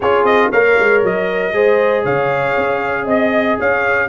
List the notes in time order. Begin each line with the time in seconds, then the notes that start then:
0.00 C#4 F4 G#4 C#5
0.23 C4 D#5
0.49 A#3 A#4 C#5 F5
0.79 G#3
1.03 F#3 D#5
1.53 G#3 G#4 C5
2.03 C#3 C#5 F5
2.57 C#4
3.05 C4 D#5
3.58 C#4 C#5 F5